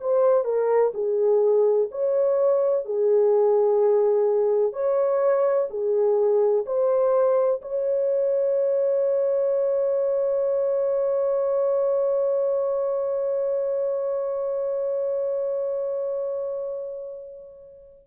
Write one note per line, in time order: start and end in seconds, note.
0.00 0.44 C5
0.44 0.91 A#4
0.94 1.89 G#4
1.91 2.85 C#5
2.85 4.72 G#4
4.72 5.68 C#5
5.70 6.65 G#4
6.66 7.61 C5
7.61 18.07 C#5